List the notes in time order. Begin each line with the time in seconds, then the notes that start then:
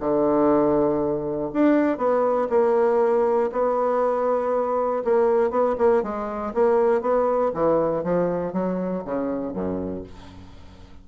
0.00 D3
1.53 D4
1.98 B3
2.50 A#3
3.52 B3
5.04 A#3
5.50 B3
5.78 A#3
6.03 G#3
6.54 A#3
7.01 B3
7.54 E3
8.04 F3
8.53 F#3
9.05 C#3
9.53 F#2